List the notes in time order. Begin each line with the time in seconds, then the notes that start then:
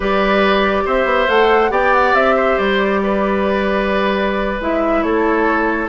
0.00 G3 G4 B4 D5
0.85 C4 C5 E5
1.05 B3
1.28 A3 A4 F#5
1.70 B3 G4 D5 G5
1.93 F#5
2.13 C4 E5
2.35 C5
2.57 G3 D5
3.03 B4
4.59 G#3 E4 E5
5.02 A3 A4 C#5